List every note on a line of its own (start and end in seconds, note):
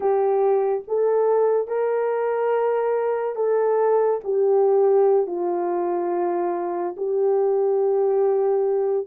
0.00 0.83 G4
0.87 1.67 A4
1.67 3.35 A#4
3.35 4.19 A4
4.24 5.26 G4
5.26 6.95 F4
6.96 9.07 G4